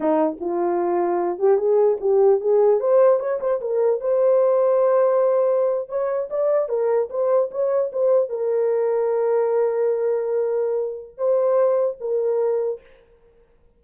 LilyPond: \new Staff \with { instrumentName = "horn" } { \time 4/4 \tempo 4 = 150 dis'4 f'2~ f'8 g'8 | gis'4 g'4 gis'4 c''4 | cis''8 c''8 ais'4 c''2~ | c''2~ c''8. cis''4 d''16~ |
d''8. ais'4 c''4 cis''4 c''16~ | c''8. ais'2.~ ais'16~ | ais'1 | c''2 ais'2 | }